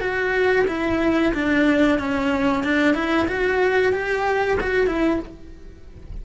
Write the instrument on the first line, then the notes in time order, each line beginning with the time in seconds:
cello
0.00 F#4
0.67 E4
1.34 D4
1.99 C#4
2.63 D4
2.94 E4
3.27 F#4
3.92 G4
4.60 F#4
4.86 E4